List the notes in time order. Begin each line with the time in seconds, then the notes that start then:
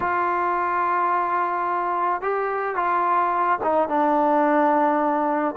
0.00 F4
2.21 G4
2.75 F4
3.63 D#4
3.88 D4